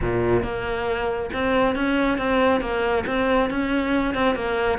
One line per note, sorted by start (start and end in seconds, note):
0.01 0.43 A#2
0.43 1.30 A#3
1.33 1.75 C4
1.75 2.18 C#4
2.18 2.61 C4
2.61 3.04 A#3
3.06 3.49 C4
3.50 4.14 C#4
4.14 4.35 C4
4.35 4.78 A#3